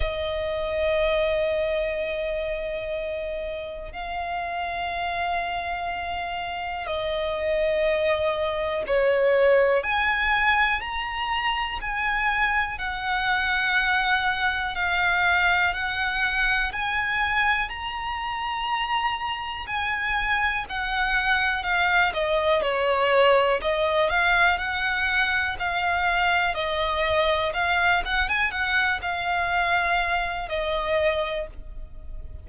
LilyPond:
\new Staff \with { instrumentName = "violin" } { \time 4/4 \tempo 4 = 61 dis''1 | f''2. dis''4~ | dis''4 cis''4 gis''4 ais''4 | gis''4 fis''2 f''4 |
fis''4 gis''4 ais''2 | gis''4 fis''4 f''8 dis''8 cis''4 | dis''8 f''8 fis''4 f''4 dis''4 | f''8 fis''16 gis''16 fis''8 f''4. dis''4 | }